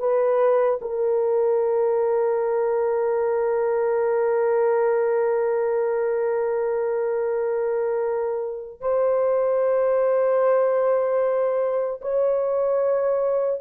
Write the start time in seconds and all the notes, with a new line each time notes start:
0.00 B4
0.82 A#4
8.81 C5
12.02 C#5